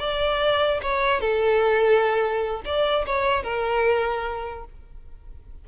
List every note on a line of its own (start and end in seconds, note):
0.00 0.81 D5
0.83 1.21 C#5
1.21 2.63 A4
2.65 3.06 D5
3.07 3.43 C#5
3.43 4.65 A#4